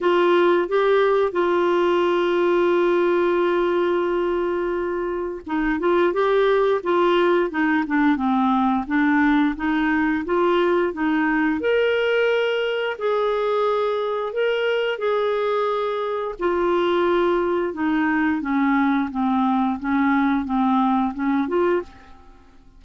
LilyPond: \new Staff \with { instrumentName = "clarinet" } { \time 4/4 \tempo 4 = 88 f'4 g'4 f'2~ | f'1 | dis'8 f'8 g'4 f'4 dis'8 d'8 | c'4 d'4 dis'4 f'4 |
dis'4 ais'2 gis'4~ | gis'4 ais'4 gis'2 | f'2 dis'4 cis'4 | c'4 cis'4 c'4 cis'8 f'8 | }